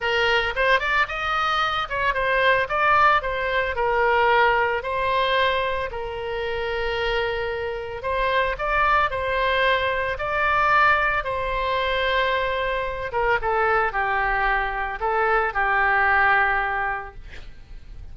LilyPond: \new Staff \with { instrumentName = "oboe" } { \time 4/4 \tempo 4 = 112 ais'4 c''8 d''8 dis''4. cis''8 | c''4 d''4 c''4 ais'4~ | ais'4 c''2 ais'4~ | ais'2. c''4 |
d''4 c''2 d''4~ | d''4 c''2.~ | c''8 ais'8 a'4 g'2 | a'4 g'2. | }